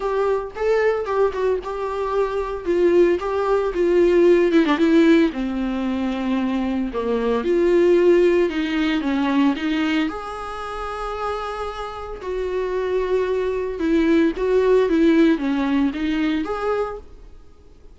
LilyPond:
\new Staff \with { instrumentName = "viola" } { \time 4/4 \tempo 4 = 113 g'4 a'4 g'8 fis'8 g'4~ | g'4 f'4 g'4 f'4~ | f'8 e'16 d'16 e'4 c'2~ | c'4 ais4 f'2 |
dis'4 cis'4 dis'4 gis'4~ | gis'2. fis'4~ | fis'2 e'4 fis'4 | e'4 cis'4 dis'4 gis'4 | }